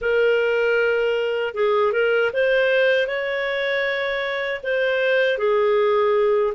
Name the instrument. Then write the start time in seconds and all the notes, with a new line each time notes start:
clarinet
0.01 A#4
1.54 G#4
1.92 A#4
2.33 C5
3.07 C#5
4.63 C5
5.38 G#4